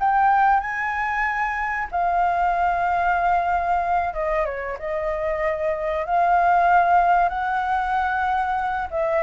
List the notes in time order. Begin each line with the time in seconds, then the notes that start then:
0.00 G5
0.60 G#5
1.91 F5
4.14 D#5
4.45 C#5
4.79 D#5
6.06 F5
7.29 F#5
8.91 E5